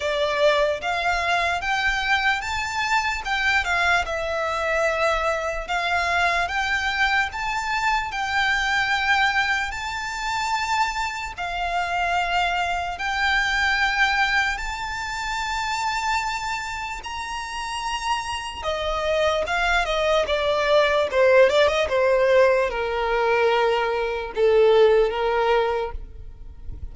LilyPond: \new Staff \with { instrumentName = "violin" } { \time 4/4 \tempo 4 = 74 d''4 f''4 g''4 a''4 | g''8 f''8 e''2 f''4 | g''4 a''4 g''2 | a''2 f''2 |
g''2 a''2~ | a''4 ais''2 dis''4 | f''8 dis''8 d''4 c''8 d''16 dis''16 c''4 | ais'2 a'4 ais'4 | }